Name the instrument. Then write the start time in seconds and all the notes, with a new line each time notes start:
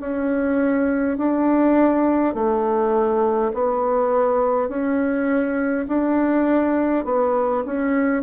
bassoon
0.00 C#4
1.18 D4
2.35 A3
3.54 B3
4.70 C#4
5.88 D4
7.05 B3
7.66 C#4